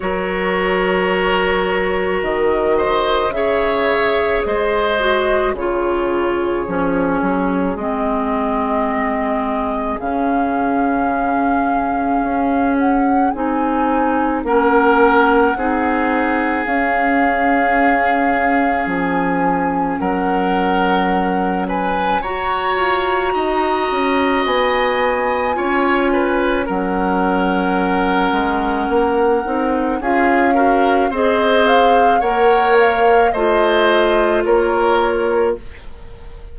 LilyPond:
<<
  \new Staff \with { instrumentName = "flute" } { \time 4/4 \tempo 4 = 54 cis''2 dis''4 e''4 | dis''4 cis''2 dis''4~ | dis''4 f''2~ f''8 fis''8 | gis''4 fis''2 f''4~ |
f''4 gis''4 fis''4. gis''8 | ais''2 gis''2 | fis''2. f''4 | dis''8 f''8 fis''8 f''8 dis''4 cis''4 | }
  \new Staff \with { instrumentName = "oboe" } { \time 4/4 ais'2~ ais'8 c''8 cis''4 | c''4 gis'2.~ | gis'1~ | gis'4 ais'4 gis'2~ |
gis'2 ais'4. b'8 | cis''4 dis''2 cis''8 b'8 | ais'2. gis'8 ais'8 | c''4 cis''4 c''4 ais'4 | }
  \new Staff \with { instrumentName = "clarinet" } { \time 4/4 fis'2. gis'4~ | gis'8 fis'8 f'4 cis'4 c'4~ | c'4 cis'2. | dis'4 cis'4 dis'4 cis'4~ |
cis'1 | fis'2. f'4 | cis'2~ cis'8 dis'8 f'8 fis'8 | gis'4 ais'4 f'2 | }
  \new Staff \with { instrumentName = "bassoon" } { \time 4/4 fis2 dis4 cis4 | gis4 cis4 f8 fis8 gis4~ | gis4 cis2 cis'4 | c'4 ais4 c'4 cis'4~ |
cis'4 f4 fis2 | fis'8 f'8 dis'8 cis'8 b4 cis'4 | fis4. gis8 ais8 c'8 cis'4 | c'4 ais4 a4 ais4 | }
>>